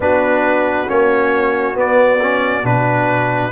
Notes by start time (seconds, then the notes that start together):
0.00 B3 D4 F#4 B4
0.87 A#3 C#4 C#5
1.75 B3 D5
2.21 C#4
2.63 B2 D4 B4